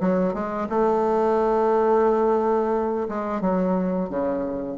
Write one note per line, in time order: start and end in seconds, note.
0.00 0.33 F#3
0.33 0.68 G#3
0.69 3.08 A3
3.08 3.41 G#3
3.41 4.09 F#3
4.09 4.77 C#3